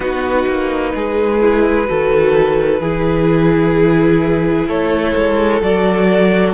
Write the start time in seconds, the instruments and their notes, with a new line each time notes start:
0.00 cello B3, viola D#4, violin F#4 B4
0.47 cello A#3
0.95 cello G#3, violin G#4
1.40 viola E4
1.87 cello D#3, viola F#4, violin A4
2.80 cello E3, viola E4, violin G#4
4.68 cello A3, violin A4 C#5
5.15 cello G#3
5.61 cello F#3, viola F#4, violin D5